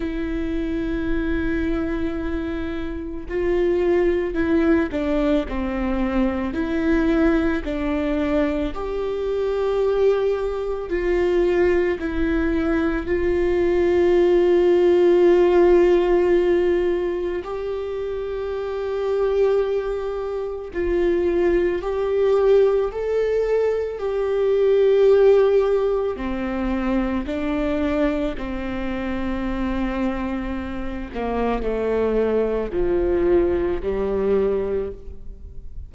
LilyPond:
\new Staff \with { instrumentName = "viola" } { \time 4/4 \tempo 4 = 55 e'2. f'4 | e'8 d'8 c'4 e'4 d'4 | g'2 f'4 e'4 | f'1 |
g'2. f'4 | g'4 a'4 g'2 | c'4 d'4 c'2~ | c'8 ais8 a4 f4 g4 | }